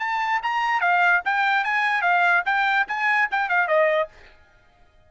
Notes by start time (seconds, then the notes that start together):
0.00 A5
0.43 A#5
0.81 F5
1.25 G5
1.65 G#5
2.02 F5
2.46 G5
2.88 G#5
3.32 G5
3.50 F5
3.68 D#5